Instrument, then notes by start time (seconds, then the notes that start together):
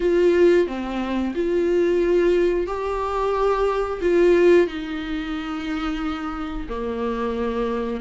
viola
0.00 F4
0.67 C4
1.35 F4
2.67 G4
4.01 F4
4.67 D#4
6.68 A#3